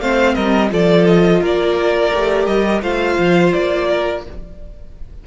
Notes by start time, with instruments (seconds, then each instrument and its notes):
0.00 cello A3, viola C4, violin C5 F5
0.35 cello G3, violin A#4 D#5
0.70 cello F3, viola F4, violin A4 D5
1.06 violin D#5
1.41 cello A#3, violin A#4 D5
2.13 cello A3, viola G4
2.46 cello G3, violin D#5
2.82 cello A3, viola F4, violin C5 F5
3.18 cello F3
3.53 cello A#3, violin D5
3.88 violin A#4